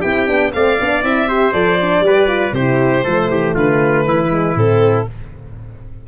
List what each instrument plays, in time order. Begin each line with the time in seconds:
0.00 tuba C4, horn E4, trumpet G4, violin G5
0.27 tuba B3, horn D4
0.52 tuba A3, horn C4, trumpet D5, violin F5
0.80 tuba B3, horn D4
1.01 tuba C4, horn E4, violin E5
1.28 horn G4, trumpet C5
1.53 tuba F3, horn A4, violin D5
1.81 horn D4
2.00 tuba G3, horn G4
2.06 trumpet B4
2.27 horn F4
2.52 tuba C3, horn E4, trumpet G4, violin C5
3.03 tuba F3, horn A3, trumpet A4
3.29 tuba E3, trumpet G4
3.54 tuba D3, trumpet F4, violin B4
4.04 tuba E3, trumpet E4
4.29 horn G#3
4.55 tuba A2, horn C4, violin A4